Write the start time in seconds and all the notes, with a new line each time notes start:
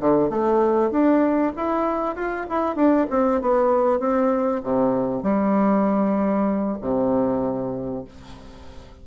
0.00 D3
0.30 A3
0.91 D4
1.56 E4
2.16 F4
2.49 E4
2.76 D4
3.10 C4
3.41 B3
4.00 C4
4.63 C3
5.23 G3
6.81 C3